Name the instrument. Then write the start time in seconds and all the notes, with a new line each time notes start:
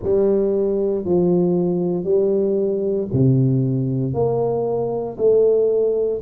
tuba
0.02 G3
1.04 F3
2.04 G3
3.13 C3
4.13 A#3
5.17 A3